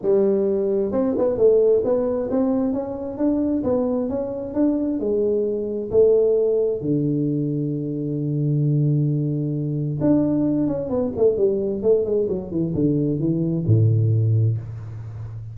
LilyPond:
\new Staff \with { instrumentName = "tuba" } { \time 4/4 \tempo 4 = 132 g2 c'8 b8 a4 | b4 c'4 cis'4 d'4 | b4 cis'4 d'4 gis4~ | gis4 a2 d4~ |
d1~ | d2 d'4. cis'8 | b8 a8 g4 a8 gis8 fis8 e8 | d4 e4 a,2 | }